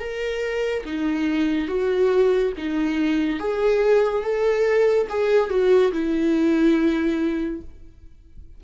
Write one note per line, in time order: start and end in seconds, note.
0.00 0.85 A#4
0.86 1.68 D#4
1.68 2.52 F#4
2.57 3.40 D#4
3.40 4.23 G#4
4.23 5.07 A4
5.10 5.50 G#4
5.50 5.92 F#4
5.92 7.61 E4